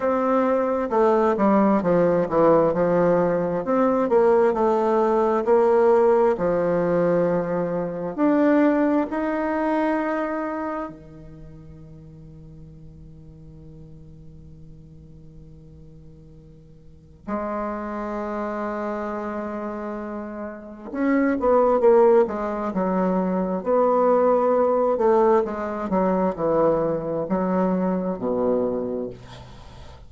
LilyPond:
\new Staff \with { instrumentName = "bassoon" } { \time 4/4 \tempo 4 = 66 c'4 a8 g8 f8 e8 f4 | c'8 ais8 a4 ais4 f4~ | f4 d'4 dis'2 | dis1~ |
dis2. gis4~ | gis2. cis'8 b8 | ais8 gis8 fis4 b4. a8 | gis8 fis8 e4 fis4 b,4 | }